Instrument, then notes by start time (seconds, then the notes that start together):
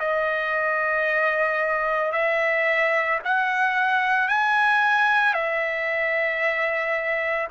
trumpet
0.00 D#5
2.12 E5
3.24 F#5
4.29 G#5
5.34 E5